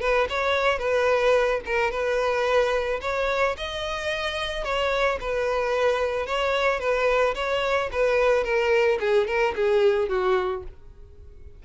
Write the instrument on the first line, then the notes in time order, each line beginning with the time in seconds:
violin
0.00 B4
0.29 C#5
0.78 B4
1.66 A#4
1.91 B4
3.01 C#5
3.57 D#5
4.64 C#5
5.20 B4
6.26 C#5
6.80 B4
7.35 C#5
7.92 B4
8.44 A#4
9.00 G#4
9.27 A#4
9.55 G#4
10.08 F#4